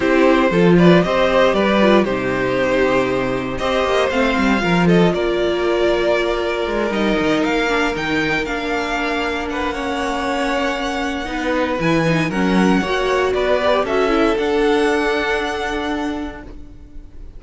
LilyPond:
<<
  \new Staff \with { instrumentName = "violin" } { \time 4/4 \tempo 4 = 117 c''4. d''8 dis''4 d''4 | c''2. dis''4 | f''4. dis''8 d''2~ | d''4. dis''4 f''4 g''8~ |
g''8 f''2 fis''4.~ | fis''2. gis''4 | fis''2 d''4 e''4 | fis''1 | }
  \new Staff \with { instrumentName = "violin" } { \time 4/4 g'4 a'8 b'8 c''4 b'4 | g'2. c''4~ | c''4 ais'8 a'8 ais'2~ | ais'1~ |
ais'2~ ais'8 b'8 cis''4~ | cis''2 b'2 | ais'4 cis''4 b'4 a'4~ | a'1 | }
  \new Staff \with { instrumentName = "viola" } { \time 4/4 e'4 f'4 g'4. f'8 | dis'2. g'4 | c'4 f'2.~ | f'4. dis'4. d'8 dis'8~ |
dis'8 d'2~ d'8 cis'4~ | cis'2 dis'4 e'8 dis'8 | cis'4 fis'4. g'8 fis'8 e'8 | d'1 | }
  \new Staff \with { instrumentName = "cello" } { \time 4/4 c'4 f4 c'4 g4 | c2. c'8 ais8 | a8 g8 f4 ais2~ | ais4 gis8 g8 dis8 ais4 dis8~ |
dis8 ais2.~ ais8~ | ais2 b4 e4 | fis4 ais4 b4 cis'4 | d'1 | }
>>